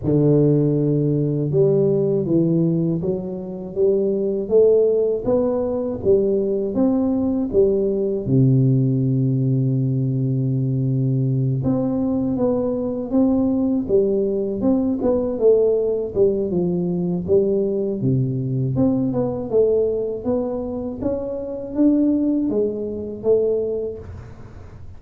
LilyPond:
\new Staff \with { instrumentName = "tuba" } { \time 4/4 \tempo 4 = 80 d2 g4 e4 | fis4 g4 a4 b4 | g4 c'4 g4 c4~ | c2.~ c8 c'8~ |
c'8 b4 c'4 g4 c'8 | b8 a4 g8 f4 g4 | c4 c'8 b8 a4 b4 | cis'4 d'4 gis4 a4 | }